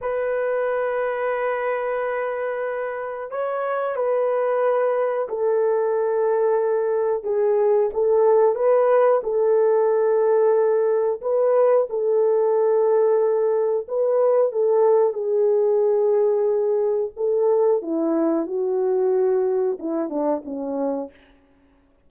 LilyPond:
\new Staff \with { instrumentName = "horn" } { \time 4/4 \tempo 4 = 91 b'1~ | b'4 cis''4 b'2 | a'2. gis'4 | a'4 b'4 a'2~ |
a'4 b'4 a'2~ | a'4 b'4 a'4 gis'4~ | gis'2 a'4 e'4 | fis'2 e'8 d'8 cis'4 | }